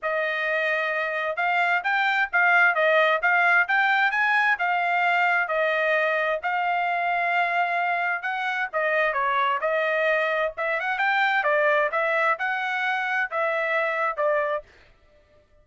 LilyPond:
\new Staff \with { instrumentName = "trumpet" } { \time 4/4 \tempo 4 = 131 dis''2. f''4 | g''4 f''4 dis''4 f''4 | g''4 gis''4 f''2 | dis''2 f''2~ |
f''2 fis''4 dis''4 | cis''4 dis''2 e''8 fis''8 | g''4 d''4 e''4 fis''4~ | fis''4 e''2 d''4 | }